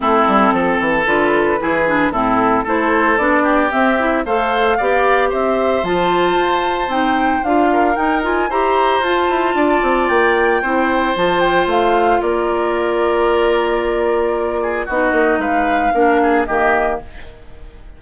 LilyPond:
<<
  \new Staff \with { instrumentName = "flute" } { \time 4/4 \tempo 4 = 113 a'2 b'2 | a'4 c''4 d''4 e''4 | f''2 e''4 a''4~ | a''4 g''4 f''4 g''8 gis''8 |
ais''4 a''2 g''4~ | g''4 a''8 g''8 f''4 d''4~ | d''1 | dis''4 f''2 dis''4 | }
  \new Staff \with { instrumentName = "oboe" } { \time 4/4 e'4 a'2 gis'4 | e'4 a'4. g'4. | c''4 d''4 c''2~ | c''2~ c''8 ais'4. |
c''2 d''2 | c''2. ais'4~ | ais'2.~ ais'8 gis'8 | fis'4 b'4 ais'8 gis'8 g'4 | }
  \new Staff \with { instrumentName = "clarinet" } { \time 4/4 c'2 f'4 e'8 d'8 | c'4 e'4 d'4 c'8 e'8 | a'4 g'2 f'4~ | f'4 dis'4 f'4 dis'8 f'8 |
g'4 f'2. | e'4 f'2.~ | f'1 | dis'2 d'4 ais4 | }
  \new Staff \with { instrumentName = "bassoon" } { \time 4/4 a8 g8 f8 e8 d4 e4 | a,4 a4 b4 c'4 | a4 b4 c'4 f4 | f'4 c'4 d'4 dis'4 |
e'4 f'8 e'8 d'8 c'8 ais4 | c'4 f4 a4 ais4~ | ais1 | b8 ais8 gis4 ais4 dis4 | }
>>